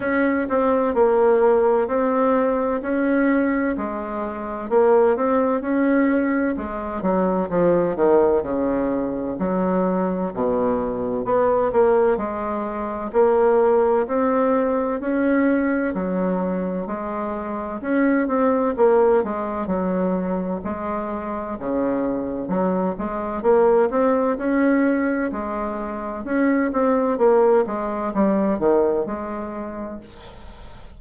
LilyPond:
\new Staff \with { instrumentName = "bassoon" } { \time 4/4 \tempo 4 = 64 cis'8 c'8 ais4 c'4 cis'4 | gis4 ais8 c'8 cis'4 gis8 fis8 | f8 dis8 cis4 fis4 b,4 | b8 ais8 gis4 ais4 c'4 |
cis'4 fis4 gis4 cis'8 c'8 | ais8 gis8 fis4 gis4 cis4 | fis8 gis8 ais8 c'8 cis'4 gis4 | cis'8 c'8 ais8 gis8 g8 dis8 gis4 | }